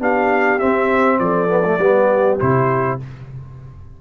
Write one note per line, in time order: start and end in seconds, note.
0.00 0.60 B3
0.00 0.59 D4
0.00 1.20 G4
0.00 0.59 F5
0.59 1.48 C4
0.59 1.19 C4
0.59 1.19 E5
1.19 1.78 F3
1.19 1.81 A4
1.19 2.38 D5
1.48 1.63 B3
1.65 1.80 A3
1.78 2.38 G3
1.78 2.40 B3
1.78 3.01 G4
2.40 3.01 C3
2.40 3.00 E4
2.40 2.99 C5